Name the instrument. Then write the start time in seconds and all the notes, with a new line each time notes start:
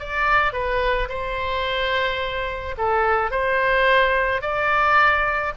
oboe
0.00 D5
0.53 B4
1.09 C5
2.78 A4
3.31 C5
4.42 D5